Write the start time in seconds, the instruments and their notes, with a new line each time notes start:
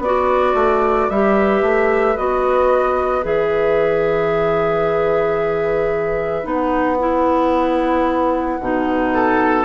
0.00 bassoon B3, clarinet F#4, oboe B4, flute D5
0.55 bassoon A3
1.10 bassoon G3, clarinet G4, flute E5
1.62 bassoon A3
2.17 bassoon B3, clarinet F#4, flute D#5
3.23 bassoon E3, clarinet G#4, flute E5
6.43 bassoon B3, clarinet D#4, flute F#5
7.00 clarinet E4
8.60 bassoon B2, clarinet D#4
9.14 oboe A4